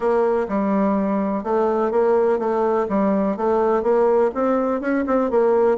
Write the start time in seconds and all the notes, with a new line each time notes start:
0.00 A#3
0.48 G3
1.43 A3
1.91 A#3
2.38 A3
2.88 G3
3.36 A3
3.82 A#3
4.34 C4
4.80 C#4
5.06 C4
5.30 A#3